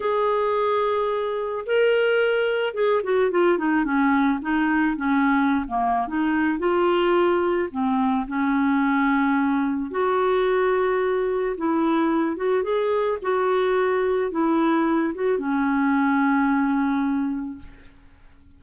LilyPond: \new Staff \with { instrumentName = "clarinet" } { \time 4/4 \tempo 4 = 109 gis'2. ais'4~ | ais'4 gis'8 fis'8 f'8 dis'8 cis'4 | dis'4 cis'4~ cis'16 ais8. dis'4 | f'2 c'4 cis'4~ |
cis'2 fis'2~ | fis'4 e'4. fis'8 gis'4 | fis'2 e'4. fis'8 | cis'1 | }